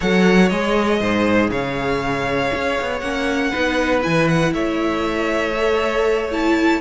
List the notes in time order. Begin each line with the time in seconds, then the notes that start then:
0.00 F#3 A4 C#5 F#5
0.48 G#3 G#4 D#5
0.99 G#2 C5
1.50 C#3 C#5 F5
2.54 C#4
2.81 B3
2.99 A#3 C#4 F#5
3.50 B3 D#4 B4
4.01 E3 E4 G#5
4.28 F#5
4.53 A3 C#5 E5
5.57 A4
6.31 E4 A5